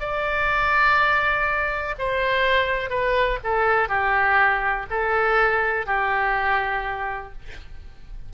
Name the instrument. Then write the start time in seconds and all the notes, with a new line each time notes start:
oboe
0.00 D5
1.99 C5
2.90 B4
3.44 A4
3.89 G4
4.90 A4
5.86 G4